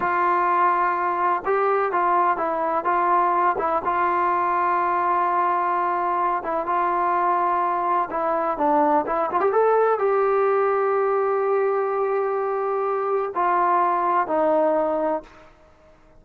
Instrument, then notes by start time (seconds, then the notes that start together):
trombone
0.00 F4
1.45 G4
1.92 F4
2.37 E4
2.84 F4
3.58 E4
3.84 F4
6.43 E4
6.66 F4
8.10 E4
8.57 D4
9.06 E4
9.31 F4
9.40 G4
9.52 A4
9.98 G4
13.35 F4
14.27 D#4